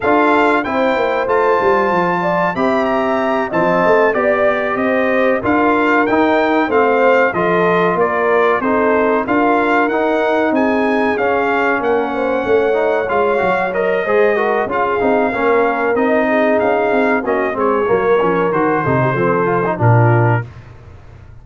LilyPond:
<<
  \new Staff \with { instrumentName = "trumpet" } { \time 4/4 \tempo 4 = 94 f''4 g''4 a''2 | b''8 ais''4 a''4 d''4 dis''8~ | dis''8 f''4 g''4 f''4 dis''8~ | dis''8 d''4 c''4 f''4 fis''8~ |
fis''8 gis''4 f''4 fis''4.~ | fis''8 f''4 dis''4. f''4~ | f''4 dis''4 f''4 dis''8 cis''8~ | cis''4 c''2 ais'4 | }
  \new Staff \with { instrumentName = "horn" } { \time 4/4 a'4 c''2~ c''8 d''8 | e''4. dis''4 d''4 c''8~ | c''8 ais'2 c''4 a'8~ | a'8 ais'4 a'4 ais'4.~ |
ais'8 gis'2 ais'8 c''8 cis''8~ | cis''2 c''8 ais'8 gis'4 | ais'4. gis'4. fis'8 gis'8 | ais'4. a'16 g'16 a'4 f'4 | }
  \new Staff \with { instrumentName = "trombone" } { \time 4/4 f'4 e'4 f'2 | g'4. c'4 g'4.~ | g'8 f'4 dis'4 c'4 f'8~ | f'4. dis'4 f'4 dis'8~ |
dis'4. cis'2~ cis'8 | dis'8 f'8 fis'8 ais'8 gis'8 fis'8 f'8 dis'8 | cis'4 dis'2 cis'8 c'8 | ais8 cis'8 fis'8 dis'8 c'8 f'16 dis'16 d'4 | }
  \new Staff \with { instrumentName = "tuba" } { \time 4/4 d'4 c'8 ais8 a8 g8 f4 | c'4. f8 a8 b4 c'8~ | c'8 d'4 dis'4 a4 f8~ | f8 ais4 c'4 d'4 dis'8~ |
dis'8 c'4 cis'4 ais4 a8~ | a8 gis8 fis4 gis4 cis'8 c'8 | ais4 c'4 cis'8 c'8 ais8 gis8 | fis8 f8 dis8 c8 f4 ais,4 | }
>>